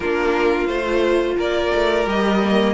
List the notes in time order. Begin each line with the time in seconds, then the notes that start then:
0.00 A#3 D4 F4 A#4
0.67 A3 F4 C5
1.37 A#3 A#4 D5
1.74 A3
2.05 G3 G4 D#5
2.43 A#3